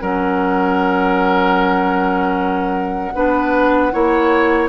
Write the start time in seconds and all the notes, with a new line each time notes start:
0.00 F#3 C#4 A#4 F#5
3.15 B3 D4 B4
3.93 A#3 E4 C#5